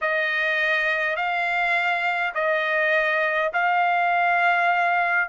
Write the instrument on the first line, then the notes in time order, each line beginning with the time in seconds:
trumpet
0.01 D#5
1.16 F5
2.34 D#5
3.53 F5